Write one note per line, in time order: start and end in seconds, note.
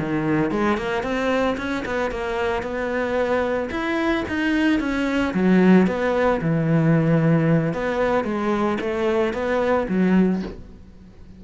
0.00 0.51 D#3
0.51 0.78 G#3
0.78 1.03 A#3
1.03 1.57 C4
1.58 1.85 C#4
1.86 2.12 B3
2.12 2.63 A#3
2.63 3.70 B3
3.71 4.25 E4
4.29 4.80 D#4
4.80 5.34 C#4
5.34 5.88 F#3
5.88 6.41 B3
6.42 7.74 E3
7.74 8.25 B3
8.25 8.78 G#3
8.81 9.34 A3
9.34 9.87 B3
9.89 10.42 F#3